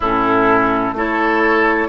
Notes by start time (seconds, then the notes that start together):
0.00 A2 C#4 E4 A4
0.92 A3 E4 A4 C#5